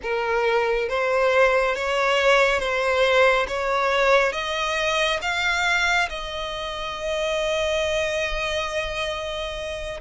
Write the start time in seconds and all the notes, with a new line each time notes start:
0.02 A#4
0.89 C5
1.75 C#5
2.59 C5
3.47 C#5
4.32 D#5
5.21 F5
6.09 D#5